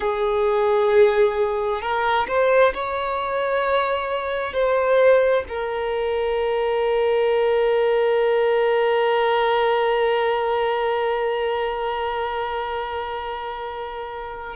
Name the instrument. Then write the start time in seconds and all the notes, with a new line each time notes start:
violin
0.00 G#4
1.81 A#4
2.27 C5
2.74 C#5
4.53 C5
5.48 A#4